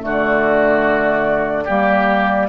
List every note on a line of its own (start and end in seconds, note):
0.00 1.67 D3
0.00 1.64 A3
0.00 1.65 F#4
0.00 2.49 D5
1.65 2.49 G3
1.65 2.49 A#3
1.65 2.47 G4